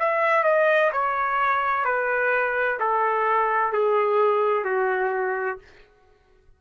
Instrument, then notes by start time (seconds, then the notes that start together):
trumpet
0.00 E5
0.44 D#5
0.92 C#5
1.85 B4
2.80 A4
3.73 G#4
4.65 F#4